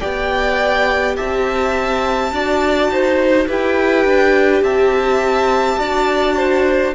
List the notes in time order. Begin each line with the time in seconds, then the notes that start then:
0.00 B3 G4 D5 G5
1.16 C4 E5 A5
2.32 D4 F#4 D5
2.90 D#4 C5
3.47 E4 G4 B4 G5
4.05 D4
4.62 C4 E5 A5
5.78 D4 F#4 D5
6.37 C5